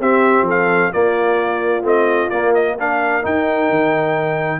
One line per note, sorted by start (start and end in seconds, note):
0.00 0.42 C4
0.00 0.93 C4
0.00 0.46 G4
0.00 0.48 E5
0.42 0.88 F3
0.42 0.93 A4
0.50 0.93 F5
0.93 1.83 A#3
0.93 2.78 F4
0.93 1.85 D5
1.83 2.29 A3
1.83 2.29 C4
1.83 2.30 D#5
2.30 2.79 A#3
2.30 3.25 A#3
2.30 2.53 D5
2.55 2.78 D#5
2.79 3.23 D4
2.79 4.60 A#4
2.79 3.26 F5
3.23 4.60 D#4
3.23 3.70 D#4
3.23 4.60 G5
3.70 4.60 D#3